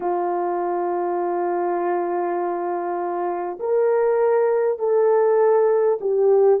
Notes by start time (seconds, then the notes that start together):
0.00 F4
3.59 A#4
4.78 A4
6.00 G4